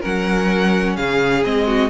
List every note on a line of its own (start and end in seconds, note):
0.00 0.97 F#3
0.00 1.42 C#4
0.00 0.94 A#4
0.00 0.96 F#5
0.96 1.44 C#3
0.96 1.66 G#4
0.96 1.43 F5
1.44 1.89 G#3
1.44 1.89 C4
1.44 1.89 D#5
1.66 1.89 F#4